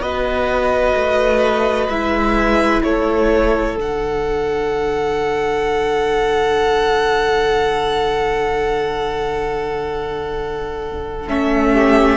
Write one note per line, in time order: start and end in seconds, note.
0.00 0.94 B3
0.00 1.89 F#4
0.00 2.83 B4
0.00 1.88 D#5
0.95 1.88 A3
1.88 2.81 G#3
1.88 3.77 E4
1.88 2.82 E5
2.82 3.77 A3
2.82 11.72 A4
2.82 3.76 C#5
3.77 11.27 D3
3.77 11.27 D4
3.77 11.28 F#5
11.28 12.17 A3
11.28 12.17 C#4
11.28 12.17 E5
11.72 12.17 G4